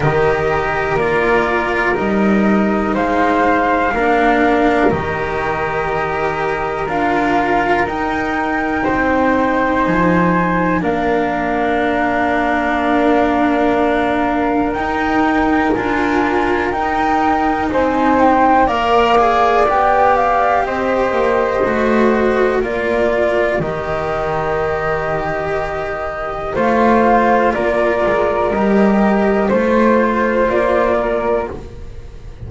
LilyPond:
<<
  \new Staff \with { instrumentName = "flute" } { \time 4/4 \tempo 4 = 61 dis''4 d''4 dis''4 f''4~ | f''4 dis''2 f''4 | g''2 gis''4 f''4~ | f''2. g''4 |
gis''4 g''4 gis''8 g''8 f''4 | g''8 f''8 dis''2 d''4 | dis''2. f''4 | d''4 dis''4 c''4 d''4 | }
  \new Staff \with { instrumentName = "flute" } { \time 4/4 ais'2. c''4 | ais'1~ | ais'4 c''2 ais'4~ | ais'1~ |
ais'2 c''4 d''4~ | d''4 c''2 ais'4~ | ais'2. c''4 | ais'2 c''4. ais'8 | }
  \new Staff \with { instrumentName = "cello" } { \time 4/4 g'4 f'4 dis'2 | d'4 g'2 f'4 | dis'2. d'4~ | d'2. dis'4 |
f'4 dis'2 ais'8 gis'8 | g'2 fis'4 f'4 | g'2. f'4~ | f'4 g'4 f'2 | }
  \new Staff \with { instrumentName = "double bass" } { \time 4/4 dis4 ais4 g4 gis4 | ais4 dis2 d'4 | dis'4 c'4 f4 ais4~ | ais2. dis'4 |
d'4 dis'4 c'4 ais4 | b4 c'8 ais8 a4 ais4 | dis2. a4 | ais8 gis8 g4 a4 ais4 | }
>>